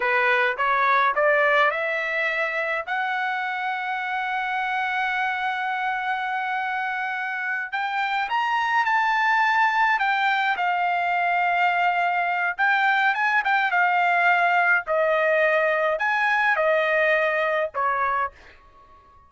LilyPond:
\new Staff \with { instrumentName = "trumpet" } { \time 4/4 \tempo 4 = 105 b'4 cis''4 d''4 e''4~ | e''4 fis''2.~ | fis''1~ | fis''4. g''4 ais''4 a''8~ |
a''4. g''4 f''4.~ | f''2 g''4 gis''8 g''8 | f''2 dis''2 | gis''4 dis''2 cis''4 | }